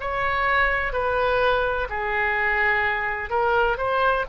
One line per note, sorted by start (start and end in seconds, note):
0.00 0.92 C#5
0.92 1.87 B4
1.89 3.29 G#4
3.29 3.77 A#4
3.77 4.25 C5